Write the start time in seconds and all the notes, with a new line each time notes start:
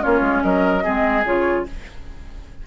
0.00 A#3 C#4 F4 C#5
0.21 G#3
0.43 F#3 A#4 D#5
0.83 G#3 C4 G#4
1.25 C#3 F4 C#5